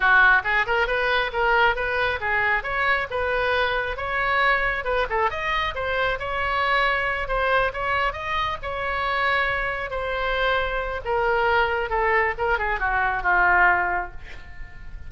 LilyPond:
\new Staff \with { instrumentName = "oboe" } { \time 4/4 \tempo 4 = 136 fis'4 gis'8 ais'8 b'4 ais'4 | b'4 gis'4 cis''4 b'4~ | b'4 cis''2 b'8 a'8 | dis''4 c''4 cis''2~ |
cis''8 c''4 cis''4 dis''4 cis''8~ | cis''2~ cis''8 c''4.~ | c''4 ais'2 a'4 | ais'8 gis'8 fis'4 f'2 | }